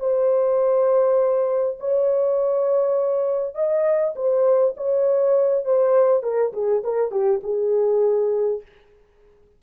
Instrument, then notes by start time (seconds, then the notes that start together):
horn
0.00 C5
1.80 C#5
3.55 D#5
4.16 C5
4.77 C#5
5.65 C5
6.23 A#4
6.53 G#4
6.84 A#4
7.12 G4
7.44 G#4